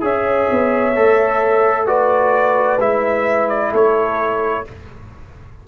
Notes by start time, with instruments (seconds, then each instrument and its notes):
0.00 tuba C#4, trombone G#4, horn C#5, trumpet E5
0.51 tuba B3
0.96 tuba A3, trombone A4
1.86 trombone F#4, horn B4, trumpet D5
2.79 tuba G#3, trombone E4, trumpet E5
3.48 trumpet D5
3.71 tuba A3, horn A4, trumpet C#5